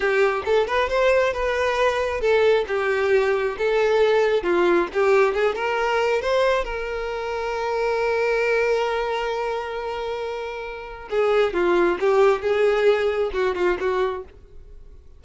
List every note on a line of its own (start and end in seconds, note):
0.00 0.43 G4
0.45 0.67 A4
0.67 0.89 B4
0.89 1.33 C5
1.33 2.20 B4
2.20 2.65 A4
2.67 3.56 G4
3.58 4.43 A4
4.43 4.87 F4
4.93 5.34 G4
5.34 5.55 G#4
5.55 6.21 A#4
6.21 6.64 C5
6.64 11.08 A#4
11.10 11.53 G#4
11.53 11.98 F4
12.00 12.41 G4
12.41 13.30 G#4
13.33 13.55 F#4
13.55 13.77 F4
13.80 14.24 F#4